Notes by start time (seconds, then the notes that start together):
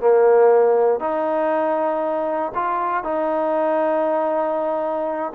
0.00 A#3
0.99 D#4
2.54 F4
3.03 D#4